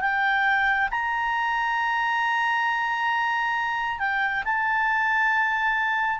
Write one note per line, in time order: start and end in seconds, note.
0.00 0.88 G5
0.90 3.99 A#5
3.99 4.43 G5
4.44 6.19 A5